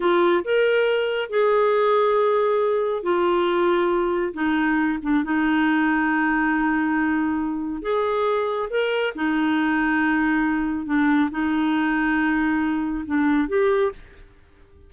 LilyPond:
\new Staff \with { instrumentName = "clarinet" } { \time 4/4 \tempo 4 = 138 f'4 ais'2 gis'4~ | gis'2. f'4~ | f'2 dis'4. d'8 | dis'1~ |
dis'2 gis'2 | ais'4 dis'2.~ | dis'4 d'4 dis'2~ | dis'2 d'4 g'4 | }